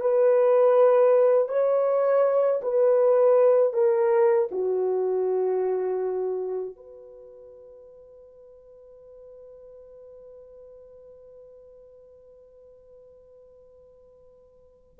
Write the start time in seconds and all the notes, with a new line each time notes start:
0.00 B4
1.48 C#5
2.61 B4
3.73 A#4
4.51 F#4
6.76 B4